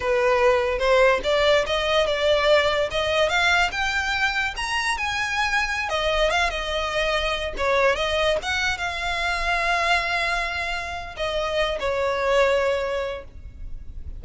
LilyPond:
\new Staff \with { instrumentName = "violin" } { \time 4/4 \tempo 4 = 145 b'2 c''4 d''4 | dis''4 d''2 dis''4 | f''4 g''2 ais''4 | gis''2~ gis''16 dis''4 f''8 dis''16~ |
dis''2~ dis''16 cis''4 dis''8.~ | dis''16 fis''4 f''2~ f''8.~ | f''2. dis''4~ | dis''8 cis''2.~ cis''8 | }